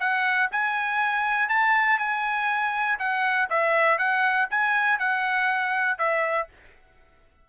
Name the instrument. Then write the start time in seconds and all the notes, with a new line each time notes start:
trumpet
0.00 F#5
0.51 G#5
1.49 A5
1.99 G#5
2.99 F#5
3.50 E5
3.98 F#5
4.50 G#5
4.99 F#5
5.98 E5